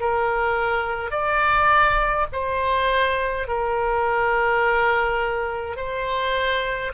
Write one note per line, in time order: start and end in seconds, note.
0.00 1.11 A#4
1.11 2.27 D5
2.33 3.48 C5
3.48 5.77 A#4
5.77 6.92 C5